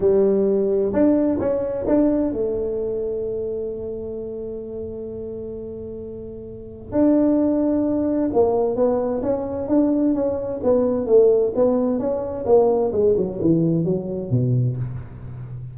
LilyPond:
\new Staff \with { instrumentName = "tuba" } { \time 4/4 \tempo 4 = 130 g2 d'4 cis'4 | d'4 a2.~ | a1~ | a2. d'4~ |
d'2 ais4 b4 | cis'4 d'4 cis'4 b4 | a4 b4 cis'4 ais4 | gis8 fis8 e4 fis4 b,4 | }